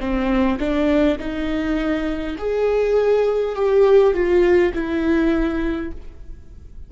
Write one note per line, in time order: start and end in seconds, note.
0.00 0.59 C4
0.60 1.19 D4
1.19 2.36 D#4
2.39 3.56 G#4
3.56 4.14 G4
4.14 4.73 F4
4.74 5.92 E4